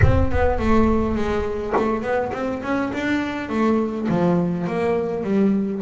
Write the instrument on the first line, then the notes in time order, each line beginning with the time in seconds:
double bass
0.02 C4
0.31 B3
0.59 A3
1.15 G#3
1.76 A3
2.02 B3
2.32 C4
2.62 C#4
2.93 D4
3.49 A3
4.08 F3
4.67 A#3
5.23 G3